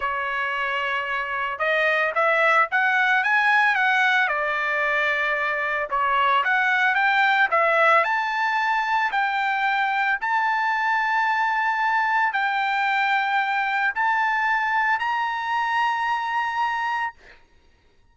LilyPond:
\new Staff \with { instrumentName = "trumpet" } { \time 4/4 \tempo 4 = 112 cis''2. dis''4 | e''4 fis''4 gis''4 fis''4 | d''2. cis''4 | fis''4 g''4 e''4 a''4~ |
a''4 g''2 a''4~ | a''2. g''4~ | g''2 a''2 | ais''1 | }